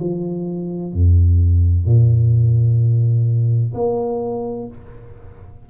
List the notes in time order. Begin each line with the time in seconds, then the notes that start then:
0.00 F3
0.94 F2
1.86 A#2
3.74 A#3